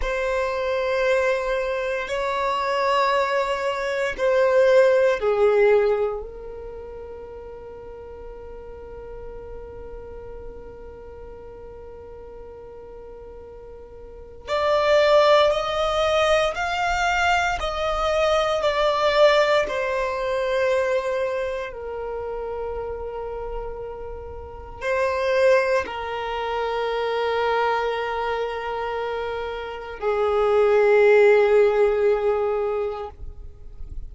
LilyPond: \new Staff \with { instrumentName = "violin" } { \time 4/4 \tempo 4 = 58 c''2 cis''2 | c''4 gis'4 ais'2~ | ais'1~ | ais'2 d''4 dis''4 |
f''4 dis''4 d''4 c''4~ | c''4 ais'2. | c''4 ais'2.~ | ais'4 gis'2. | }